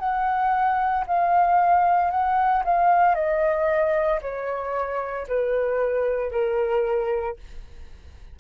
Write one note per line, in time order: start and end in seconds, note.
0.00 1.05 F#5
1.07 2.11 F5
2.11 2.64 F#5
2.65 3.15 F5
3.15 4.21 D#5
4.22 5.27 C#5
5.29 6.32 B4
6.32 7.37 A#4